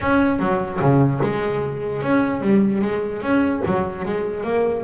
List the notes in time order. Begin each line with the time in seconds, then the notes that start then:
0.00 C#4
0.39 F#3
0.80 C#3
1.22 G#3
2.02 C#4
2.41 G3
2.81 G#3
3.22 C#4
3.66 F#3
4.05 G#3
4.43 A#3